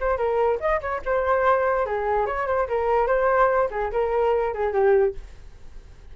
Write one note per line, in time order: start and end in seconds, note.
0.00 0.17 C5
0.17 0.58 A#4
0.60 0.80 D#5
0.81 1.01 C#5
1.05 1.85 C5
1.85 2.26 G#4
2.26 2.47 C#5
2.47 2.67 C5
2.68 3.07 A#4
3.07 3.69 C5
3.70 3.91 G#4
3.91 4.53 A#4
4.54 4.73 G#4
4.73 5.14 G4